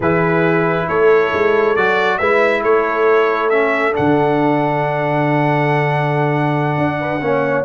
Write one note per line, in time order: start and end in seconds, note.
0.00 0.86 E3
0.00 1.76 E4
0.00 0.86 G#4
0.00 0.88 B4
0.88 1.32 A3
0.88 2.19 A4
0.88 1.76 C#5
1.33 1.76 G#3
1.76 2.20 F#3
1.76 2.20 F#4
1.76 2.17 D5
2.17 2.63 G#3
2.17 3.51 E4
2.17 2.62 B4
2.17 2.61 E5
2.62 3.94 A3
2.62 6.99 A4
2.62 3.49 C#5
3.49 3.92 C#4
3.49 3.93 E5
3.92 7.20 D4
3.92 7.65 F#5
3.98 6.77 D3
6.77 7.21 D4
6.99 7.21 B4
7.21 7.65 A#3
7.21 7.65 C#4
7.21 7.65 C#5